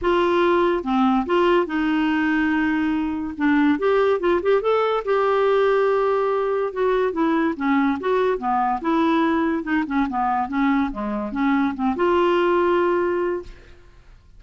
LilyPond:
\new Staff \with { instrumentName = "clarinet" } { \time 4/4 \tempo 4 = 143 f'2 c'4 f'4 | dis'1 | d'4 g'4 f'8 g'8 a'4 | g'1 |
fis'4 e'4 cis'4 fis'4 | b4 e'2 dis'8 cis'8 | b4 cis'4 gis4 cis'4 | c'8 f'2.~ f'8 | }